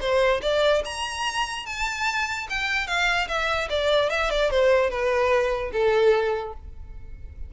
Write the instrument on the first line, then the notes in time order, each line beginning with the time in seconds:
violin
0.00 C5
0.42 D5
0.84 A#5
1.66 A5
2.49 G5
2.87 F5
3.28 E5
3.69 D5
4.10 E5
4.30 D5
4.50 C5
4.90 B4
5.72 A4